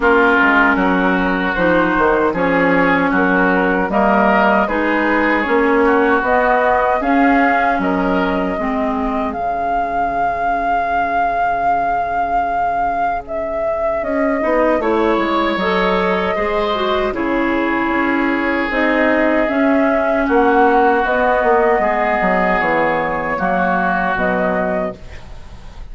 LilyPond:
<<
  \new Staff \with { instrumentName = "flute" } { \time 4/4 \tempo 4 = 77 ais'2 c''4 cis''4 | ais'4 dis''4 b'4 cis''4 | dis''4 f''4 dis''2 | f''1~ |
f''4 e''4 dis''4 cis''4 | dis''2 cis''2 | dis''4 e''4 fis''4 dis''4~ | dis''4 cis''2 dis''4 | }
  \new Staff \with { instrumentName = "oboe" } { \time 4/4 f'4 fis'2 gis'4 | fis'4 ais'4 gis'4. fis'8~ | fis'4 gis'4 ais'4 gis'4~ | gis'1~ |
gis'2. cis''4~ | cis''4 c''4 gis'2~ | gis'2 fis'2 | gis'2 fis'2 | }
  \new Staff \with { instrumentName = "clarinet" } { \time 4/4 cis'2 dis'4 cis'4~ | cis'4 ais4 dis'4 cis'4 | b4 cis'2 c'4 | cis'1~ |
cis'2~ cis'8 dis'8 e'4 | a'4 gis'8 fis'8 e'2 | dis'4 cis'2 b4~ | b2 ais4 fis4 | }
  \new Staff \with { instrumentName = "bassoon" } { \time 4/4 ais8 gis8 fis4 f8 dis8 f4 | fis4 g4 gis4 ais4 | b4 cis'4 fis4 gis4 | cis1~ |
cis2 cis'8 b8 a8 gis8 | fis4 gis4 cis4 cis'4 | c'4 cis'4 ais4 b8 ais8 | gis8 fis8 e4 fis4 b,4 | }
>>